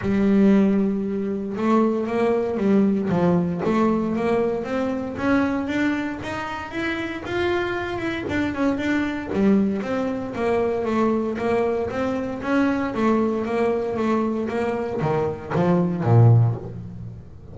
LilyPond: \new Staff \with { instrumentName = "double bass" } { \time 4/4 \tempo 4 = 116 g2. a4 | ais4 g4 f4 a4 | ais4 c'4 cis'4 d'4 | dis'4 e'4 f'4. e'8 |
d'8 cis'8 d'4 g4 c'4 | ais4 a4 ais4 c'4 | cis'4 a4 ais4 a4 | ais4 dis4 f4 ais,4 | }